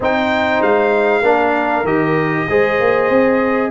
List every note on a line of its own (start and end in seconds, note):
0.00 0.61 C4
0.00 1.23 D#4
0.00 1.21 C5
0.00 0.62 G5
0.61 1.22 G#3
0.61 1.86 F5
1.21 1.84 A#3
1.21 1.85 D4
1.21 2.45 A#4
1.84 2.46 D#3
1.84 2.47 G4
1.84 3.71 D#5
2.49 2.80 G#3
2.49 3.71 G#4
2.49 3.71 C5
2.80 3.09 A#3
3.09 3.71 C4